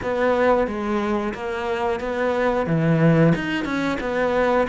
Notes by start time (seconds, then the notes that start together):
0.02 B3
0.67 G#3
1.34 A#3
2.00 B3
2.66 E3
3.35 D#4
3.64 C#4
4.00 B3